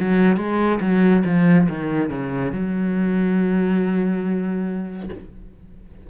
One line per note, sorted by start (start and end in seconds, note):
0.00 0.37 F#3
0.37 0.80 G#3
0.81 1.24 F#3
1.25 1.68 F3
1.69 2.10 D#3
2.10 2.52 C#3
2.52 5.10 F#3